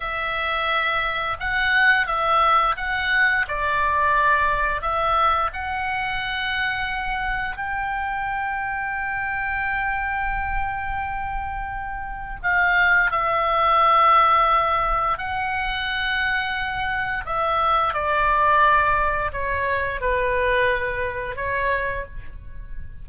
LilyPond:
\new Staff \with { instrumentName = "oboe" } { \time 4/4 \tempo 4 = 87 e''2 fis''4 e''4 | fis''4 d''2 e''4 | fis''2. g''4~ | g''1~ |
g''2 f''4 e''4~ | e''2 fis''2~ | fis''4 e''4 d''2 | cis''4 b'2 cis''4 | }